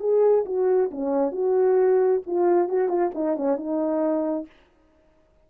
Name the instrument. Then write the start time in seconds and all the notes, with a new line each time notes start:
horn
0.00 G#4
0.46 F#4
0.91 C#4
1.32 F#4
2.27 F4
2.69 F#4
2.89 F4
3.15 D#4
3.37 C#4
3.57 D#4